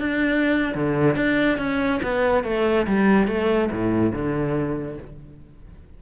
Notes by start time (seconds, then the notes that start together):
0.00 D4
0.74 D3
1.16 D4
1.58 C#4
2.03 B3
2.44 A3
2.87 G3
3.28 A3
3.72 A2
4.13 D3